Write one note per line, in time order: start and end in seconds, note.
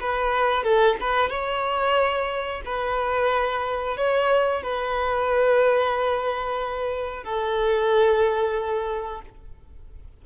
0.00 0.63 B4
0.63 0.96 A4
1.01 1.30 B4
1.30 2.62 C#5
2.65 3.97 B4
3.97 4.63 C#5
4.63 7.23 B4
7.23 9.21 A4